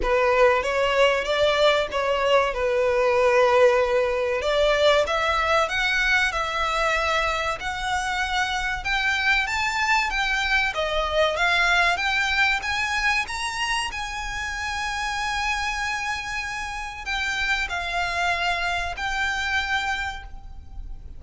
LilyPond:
\new Staff \with { instrumentName = "violin" } { \time 4/4 \tempo 4 = 95 b'4 cis''4 d''4 cis''4 | b'2. d''4 | e''4 fis''4 e''2 | fis''2 g''4 a''4 |
g''4 dis''4 f''4 g''4 | gis''4 ais''4 gis''2~ | gis''2. g''4 | f''2 g''2 | }